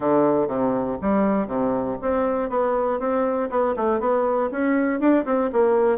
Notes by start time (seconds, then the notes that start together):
0.00 D3
0.47 C3
1.01 G3
1.47 C3
2.01 C4
2.49 B3
2.99 C4
3.50 B3
3.76 A3
4.00 B3
4.51 C#4
5.00 D4
5.25 C4
5.52 A#3